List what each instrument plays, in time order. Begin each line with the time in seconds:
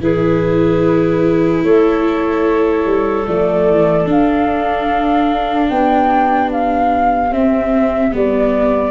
0.00 tuba E3, viola E4, clarinet G#4, flute B4
1.63 tuba A3, clarinet A4, flute C#5
2.86 tuba G3
3.27 tuba F3, viola A3, flute D5
3.68 tuba E3
4.06 viola D4, tuba D4, flute F5
5.69 tuba B3, clarinet G4, flute G5
6.52 flute F5
7.31 tuba C4, viola C4, flute E5
8.12 tuba G3, viola B3, flute D5